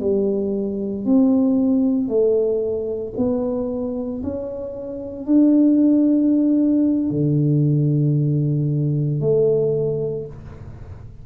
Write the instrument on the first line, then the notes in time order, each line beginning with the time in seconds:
tuba
0.00 G3
1.05 C4
2.09 A3
3.17 B3
4.23 C#4
5.26 D4
7.11 D3
9.21 A3